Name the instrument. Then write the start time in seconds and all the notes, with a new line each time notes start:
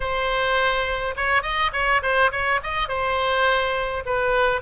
oboe
0.00 C5
1.16 C#5
1.42 D#5
1.72 C#5
2.02 C5
2.31 C#5
2.63 D#5
2.88 C5
4.05 B4